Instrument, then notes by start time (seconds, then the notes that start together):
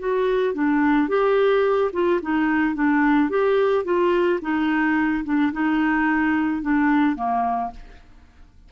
clarinet
0.00 F#4
0.54 D4
1.09 G4
1.93 F4
2.23 D#4
2.75 D4
3.30 G4
3.85 F4
4.42 D#4
5.25 D4
5.53 D#4
6.63 D4
7.16 A#3